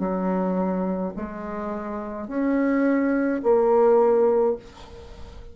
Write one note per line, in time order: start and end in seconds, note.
0.00 1.13 F#3
1.17 2.28 G#3
2.28 3.41 C#4
3.44 4.57 A#3